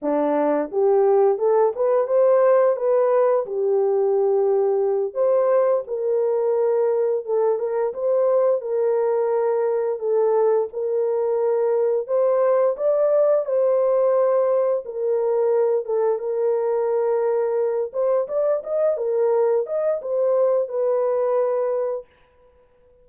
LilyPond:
\new Staff \with { instrumentName = "horn" } { \time 4/4 \tempo 4 = 87 d'4 g'4 a'8 b'8 c''4 | b'4 g'2~ g'8 c''8~ | c''8 ais'2 a'8 ais'8 c''8~ | c''8 ais'2 a'4 ais'8~ |
ais'4. c''4 d''4 c''8~ | c''4. ais'4. a'8 ais'8~ | ais'2 c''8 d''8 dis''8 ais'8~ | ais'8 dis''8 c''4 b'2 | }